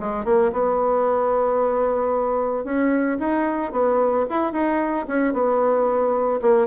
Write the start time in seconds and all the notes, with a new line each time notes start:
0.00 G#3
0.25 A#3
0.53 B3
2.65 C#4
3.19 D#4
3.73 B3
4.30 E4
4.53 D#4
5.08 C#4
5.34 B3
6.42 A#3